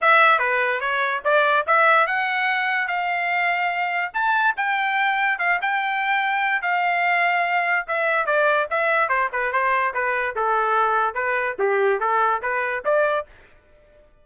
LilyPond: \new Staff \with { instrumentName = "trumpet" } { \time 4/4 \tempo 4 = 145 e''4 b'4 cis''4 d''4 | e''4 fis''2 f''4~ | f''2 a''4 g''4~ | g''4 f''8 g''2~ g''8 |
f''2. e''4 | d''4 e''4 c''8 b'8 c''4 | b'4 a'2 b'4 | g'4 a'4 b'4 d''4 | }